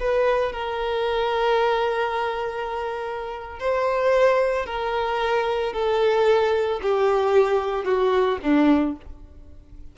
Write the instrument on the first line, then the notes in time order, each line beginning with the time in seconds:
violin
0.00 B4
0.52 A#4
3.60 C5
4.66 A#4
5.73 A4
6.82 G4
7.85 F#4
8.43 D4